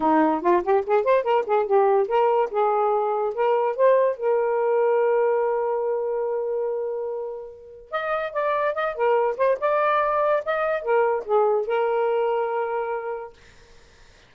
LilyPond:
\new Staff \with { instrumentName = "saxophone" } { \time 4/4 \tempo 4 = 144 dis'4 f'8 g'8 gis'8 c''8 ais'8 gis'8 | g'4 ais'4 gis'2 | ais'4 c''4 ais'2~ | ais'1~ |
ais'2. dis''4 | d''4 dis''8 ais'4 c''8 d''4~ | d''4 dis''4 ais'4 gis'4 | ais'1 | }